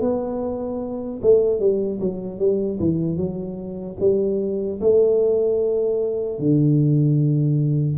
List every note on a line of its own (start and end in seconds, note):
0.00 1.20 B3
1.22 1.59 A3
1.59 1.99 G3
2.00 2.38 F#3
2.38 2.78 G3
2.79 3.16 E3
3.16 3.96 F#3
4.00 4.80 G3
4.80 6.39 A3
6.39 7.97 D3